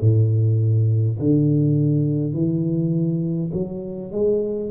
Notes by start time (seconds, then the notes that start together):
0.00 A2
1.18 D3
2.33 E3
3.53 F#3
4.11 G#3